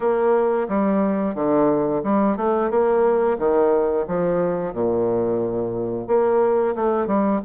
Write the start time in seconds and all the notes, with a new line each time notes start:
0.00 A#3
0.68 G3
1.34 D3
2.03 G3
2.37 A3
2.70 A#3
3.38 D#3
4.07 F3
4.73 A#2
6.07 A#3
6.75 A3
7.06 G3